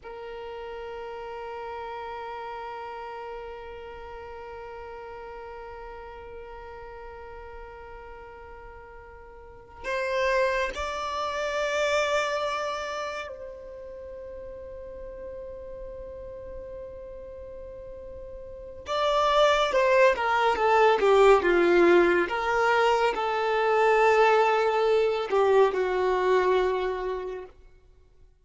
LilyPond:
\new Staff \with { instrumentName = "violin" } { \time 4/4 \tempo 4 = 70 ais'1~ | ais'1~ | ais'2.~ ais'8 c''8~ | c''8 d''2. c''8~ |
c''1~ | c''2 d''4 c''8 ais'8 | a'8 g'8 f'4 ais'4 a'4~ | a'4. g'8 fis'2 | }